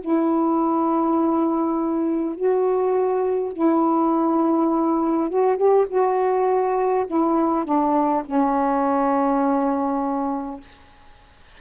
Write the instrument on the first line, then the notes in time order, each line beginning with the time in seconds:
saxophone
0.00 E4
2.35 F#4
3.53 E4
5.29 F#4
5.56 G4
5.88 F#4
7.06 E4
7.64 D4
8.25 C#4